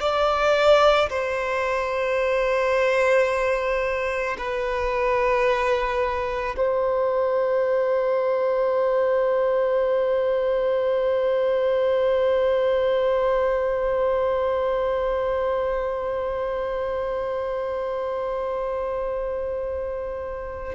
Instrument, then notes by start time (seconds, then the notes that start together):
violin
0.00 D5
1.10 C5
4.38 B4
6.57 C5